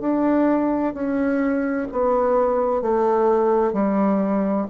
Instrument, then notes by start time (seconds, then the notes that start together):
bassoon
0.00 D4
0.94 C#4
1.91 B3
2.82 A3
3.73 G3